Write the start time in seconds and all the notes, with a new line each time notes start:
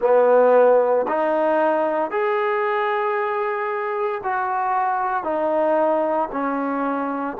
0.00 B3
1.08 D#4
2.11 G#4
4.23 F#4
5.23 D#4
6.32 C#4